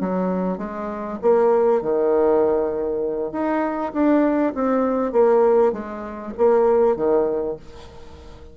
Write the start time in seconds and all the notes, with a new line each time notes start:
0.00 F#3
0.58 G#3
1.21 A#3
1.81 D#3
3.32 D#4
3.93 D4
4.54 C4
5.12 A#3
5.72 G#3
6.37 A#3
6.96 D#3